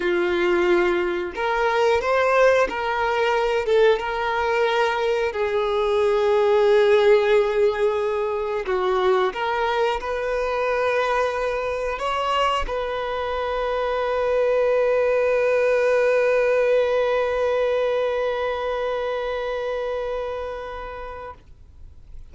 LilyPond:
\new Staff \with { instrumentName = "violin" } { \time 4/4 \tempo 4 = 90 f'2 ais'4 c''4 | ais'4. a'8 ais'2 | gis'1~ | gis'4 fis'4 ais'4 b'4~ |
b'2 cis''4 b'4~ | b'1~ | b'1~ | b'1 | }